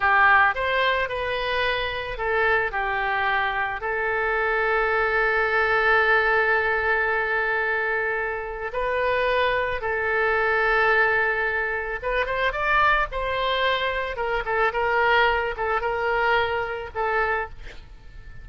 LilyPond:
\new Staff \with { instrumentName = "oboe" } { \time 4/4 \tempo 4 = 110 g'4 c''4 b'2 | a'4 g'2 a'4~ | a'1~ | a'1 |
b'2 a'2~ | a'2 b'8 c''8 d''4 | c''2 ais'8 a'8 ais'4~ | ais'8 a'8 ais'2 a'4 | }